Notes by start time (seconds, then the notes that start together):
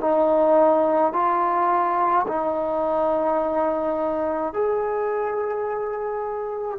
0.00 D#4
1.13 F4
2.27 D#4
4.53 G#4